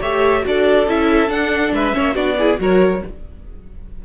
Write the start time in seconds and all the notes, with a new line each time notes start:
0.00 A3 G4 C#5 E5
0.42 D4 F#4 A4 D5
0.87 C#4 E4 E5
1.28 D4 F#5
1.72 G#3 B4 E5
1.93 A#3 C#4 C#5
2.14 B3 D4 F#4 D5
2.38 E4 G#4
2.57 F#3 F#4 A#4 C#5